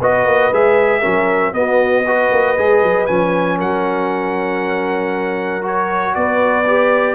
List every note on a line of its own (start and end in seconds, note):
0.00 0.25 B3
0.00 0.53 F#4
0.00 1.01 B4
0.00 0.53 D#5
0.25 0.51 A#3
0.52 1.03 G#3
0.52 1.01 G#4
0.52 1.53 E5
1.01 1.53 F#3
1.01 1.52 C#4
1.01 1.52 A#4
1.53 2.04 B3
1.53 2.30 B3
1.53 2.05 F#4
1.53 3.06 D#5
2.05 2.57 F#4
2.05 3.57 B4
2.31 2.57 A#3
2.57 2.82 G#3
2.57 3.07 G#4
2.82 3.08 F#3
3.06 3.60 F3
3.06 5.62 C#4
3.06 3.57 G#5
3.57 6.16 F#3
3.57 6.14 A#4
3.57 5.65 F#5
5.62 6.64 F#4
5.62 6.14 C#5
6.14 7.15 B3
6.14 7.15 B4
6.14 7.15 D5
6.67 7.15 G4